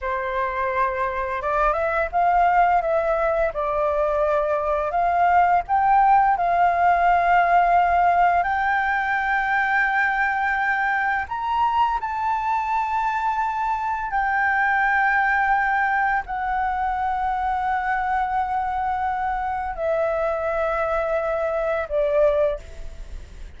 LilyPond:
\new Staff \with { instrumentName = "flute" } { \time 4/4 \tempo 4 = 85 c''2 d''8 e''8 f''4 | e''4 d''2 f''4 | g''4 f''2. | g''1 |
ais''4 a''2. | g''2. fis''4~ | fis''1 | e''2. d''4 | }